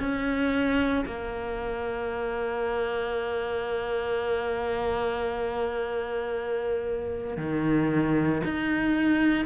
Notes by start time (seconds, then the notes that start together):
0.00 C#4
1.06 A#3
7.37 D#3
8.44 D#4